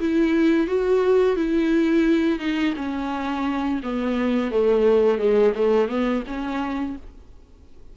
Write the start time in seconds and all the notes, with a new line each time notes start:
0.00 E4
0.68 F#4
1.36 E4
2.39 D#4
2.76 C#4
3.83 B3
4.51 A3
5.18 G#3
5.55 A3
5.89 B3
6.27 C#4